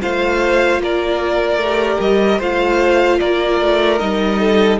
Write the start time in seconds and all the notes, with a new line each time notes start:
0.00 A3 F4 C5 F5
0.79 A#3 A#4 D5
1.56 A3
1.63 G4
2.00 G3 D#5
2.38 A3 F4 C5 F5
3.19 A#3 A#4 D5
3.61 A3
3.99 G3 D#4 D#5
4.39 A4